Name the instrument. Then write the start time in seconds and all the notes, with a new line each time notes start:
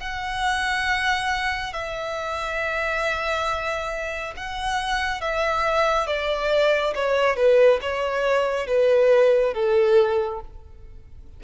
violin
0.00 F#5
1.73 E5
4.37 F#5
5.21 E5
6.07 D5
6.95 C#5
7.37 B4
7.81 C#5
8.68 B4
9.54 A4